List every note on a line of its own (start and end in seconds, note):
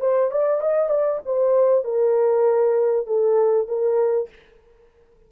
0.00 0.31 C5
0.31 0.61 D5
0.61 0.89 D#5
0.89 1.20 D5
1.25 1.84 C5
1.84 3.06 A#4
3.06 3.67 A4
3.67 4.29 A#4